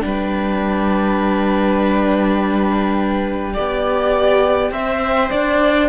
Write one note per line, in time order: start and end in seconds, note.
0.00 3.56 G3
0.00 3.53 D4
0.00 3.54 B4
0.00 5.89 G5
3.54 4.71 B3
3.54 4.72 G4
3.54 4.71 D5
4.71 5.29 C4
4.71 5.89 C5
4.71 5.30 E5
5.30 5.89 D4
5.30 5.89 D5